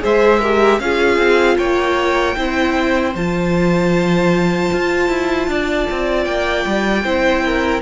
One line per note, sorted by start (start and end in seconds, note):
0.00 0.80 G#3
0.00 0.39 G#4
0.00 0.40 C5
0.00 0.80 E5
0.40 0.82 G4
0.40 0.79 A#4
0.80 1.18 C#4
0.80 2.37 F4
0.80 1.59 G#4
0.80 1.58 F5
1.18 1.57 C4
1.58 2.37 A#3
1.58 2.37 C#5
1.58 3.14 G5
2.37 3.15 C4
2.37 3.15 E4
2.37 5.50 C5
3.15 4.71 F3
3.15 7.06 F4
3.15 6.25 A5
4.73 5.09 F4
5.09 5.48 E4
5.48 5.87 D4
5.48 7.05 D5
5.91 6.26 C4
6.25 6.65 A#3
6.25 7.81 G5
6.67 7.05 G3
7.05 7.82 C4
7.05 7.82 E4
7.05 7.44 C5
7.45 7.82 A#4